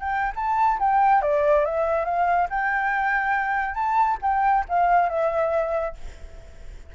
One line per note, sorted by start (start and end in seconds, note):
0.00 0.32 G5
0.35 0.78 A5
0.79 1.22 G5
1.22 1.65 D5
1.65 2.05 E5
2.05 2.48 F5
2.49 3.75 G5
3.75 4.18 A5
4.22 4.65 G5
4.68 5.09 F5
5.09 5.95 E5